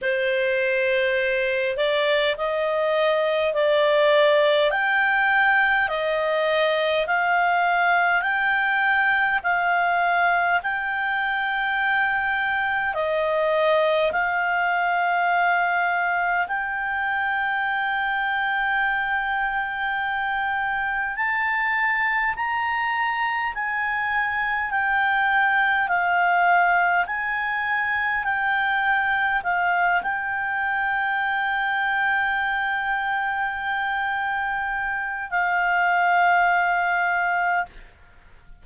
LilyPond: \new Staff \with { instrumentName = "clarinet" } { \time 4/4 \tempo 4 = 51 c''4. d''8 dis''4 d''4 | g''4 dis''4 f''4 g''4 | f''4 g''2 dis''4 | f''2 g''2~ |
g''2 a''4 ais''4 | gis''4 g''4 f''4 gis''4 | g''4 f''8 g''2~ g''8~ | g''2 f''2 | }